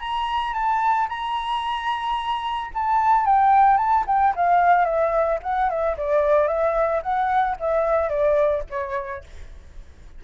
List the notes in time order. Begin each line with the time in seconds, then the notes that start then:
0.00 A#5
0.53 A5
1.08 A#5
2.74 A5
3.25 G5
3.77 A5
4.07 G5
4.35 F5
4.85 E5
5.43 F#5
5.69 E5
5.97 D5
6.47 E5
7.02 F#5
7.59 E5
8.09 D5
8.70 C#5